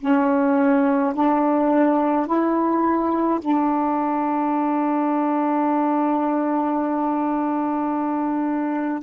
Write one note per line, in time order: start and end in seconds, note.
0.00 1.13 C#4
1.14 2.26 D4
2.26 3.39 E4
3.40 9.03 D4